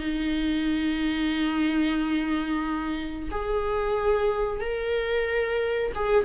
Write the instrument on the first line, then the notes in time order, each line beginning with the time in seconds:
viola
0.00 D#4
3.31 G#4
4.61 A#4
5.95 G#4